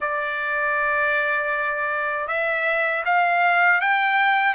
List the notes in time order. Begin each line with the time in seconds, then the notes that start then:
0.00 D5
2.28 E5
3.05 F5
3.80 G5